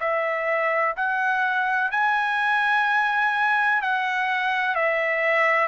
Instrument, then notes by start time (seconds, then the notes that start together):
trumpet
0.00 E5
0.97 F#5
1.92 G#5
3.82 F#5
4.75 E5